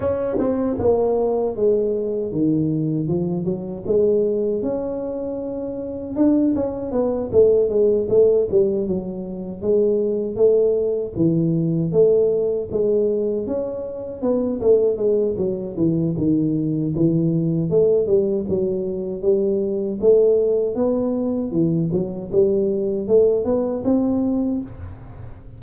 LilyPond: \new Staff \with { instrumentName = "tuba" } { \time 4/4 \tempo 4 = 78 cis'8 c'8 ais4 gis4 dis4 | f8 fis8 gis4 cis'2 | d'8 cis'8 b8 a8 gis8 a8 g8 fis8~ | fis8 gis4 a4 e4 a8~ |
a8 gis4 cis'4 b8 a8 gis8 | fis8 e8 dis4 e4 a8 g8 | fis4 g4 a4 b4 | e8 fis8 g4 a8 b8 c'4 | }